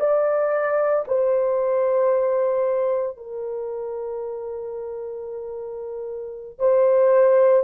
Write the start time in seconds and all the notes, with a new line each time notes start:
0.00 D5
1.08 C5
3.17 A#4
6.59 C5